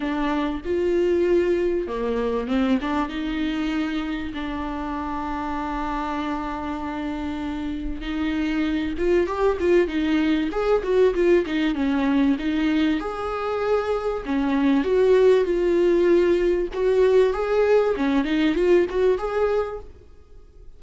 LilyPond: \new Staff \with { instrumentName = "viola" } { \time 4/4 \tempo 4 = 97 d'4 f'2 ais4 | c'8 d'8 dis'2 d'4~ | d'1~ | d'4 dis'4. f'8 g'8 f'8 |
dis'4 gis'8 fis'8 f'8 dis'8 cis'4 | dis'4 gis'2 cis'4 | fis'4 f'2 fis'4 | gis'4 cis'8 dis'8 f'8 fis'8 gis'4 | }